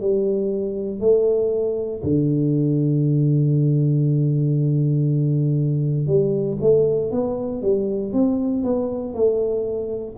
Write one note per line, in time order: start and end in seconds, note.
0.00 0.99 G3
0.99 2.01 A3
2.03 6.06 D3
6.06 6.57 G3
6.61 7.11 A3
7.11 7.61 B3
7.61 8.12 G3
8.12 8.63 C4
8.63 9.13 B3
9.13 10.15 A3